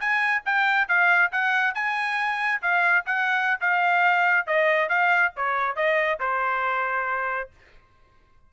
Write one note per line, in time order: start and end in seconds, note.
0.00 0.43 G#5
0.46 0.88 G5
0.88 1.32 F5
1.32 1.75 F#5
1.75 2.62 G#5
2.62 3.05 F5
3.06 3.60 F#5
3.61 4.47 F5
4.47 4.89 D#5
4.89 5.33 F5
5.36 5.76 C#5
5.76 6.20 D#5
6.20 7.51 C5